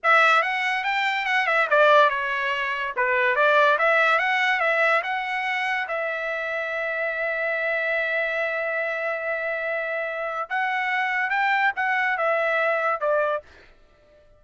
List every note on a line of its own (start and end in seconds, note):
0.03 0.42 E5
0.42 0.84 F#5
0.84 1.25 G5
1.25 1.46 F#5
1.46 1.67 E5
1.70 2.09 D5
2.09 2.93 C#5
2.96 3.35 B4
3.35 3.77 D5
3.78 4.18 E5
4.18 4.59 F#5
4.59 5.01 E5
5.03 5.87 F#5
5.87 10.49 E5
10.49 11.29 F#5
11.29 11.71 G5
11.76 12.17 F#5
12.17 13.00 E5
13.00 13.42 D5